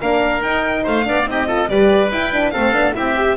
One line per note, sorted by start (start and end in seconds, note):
0.00 0.42 A#3
0.00 0.42 D4
0.00 0.83 A#4
0.00 0.42 F5
0.42 0.84 D#4
0.42 1.04 D#4
0.42 0.84 G5
0.83 1.07 A3
0.83 1.04 C5
0.83 1.29 F5
1.04 1.26 B3
1.04 1.25 D4
1.04 1.29 D5
1.25 1.68 C4
1.25 1.46 D#4
1.25 1.47 G4
1.25 1.69 D#5
1.47 1.68 F4
1.47 1.68 A4
1.68 2.10 G3
1.68 2.10 G4
1.68 2.52 B4
1.68 2.11 D5
2.10 2.52 E4
2.10 2.32 E4
2.10 2.50 G5
2.32 2.53 D4
2.50 2.71 A3
2.50 2.73 C4
2.50 2.94 A4
2.50 2.92 F5
2.71 2.92 B3
2.71 2.93 D4
2.93 3.36 C4
2.93 3.14 E4
2.93 3.36 G4
2.93 3.36 E5
3.16 3.36 G4